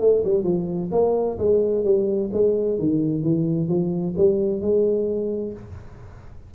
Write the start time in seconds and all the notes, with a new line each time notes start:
0.00 A3
0.24 G3
0.43 F3
0.91 A#3
1.38 G#3
1.84 G3
2.33 G#3
2.79 D#3
3.22 E3
3.68 F3
4.17 G3
4.61 G#3